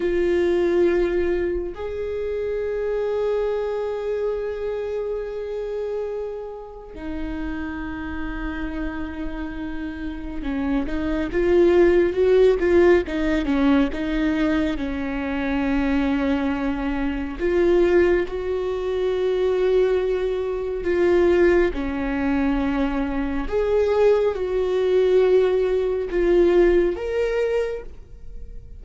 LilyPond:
\new Staff \with { instrumentName = "viola" } { \time 4/4 \tempo 4 = 69 f'2 gis'2~ | gis'1 | dis'1 | cis'8 dis'8 f'4 fis'8 f'8 dis'8 cis'8 |
dis'4 cis'2. | f'4 fis'2. | f'4 cis'2 gis'4 | fis'2 f'4 ais'4 | }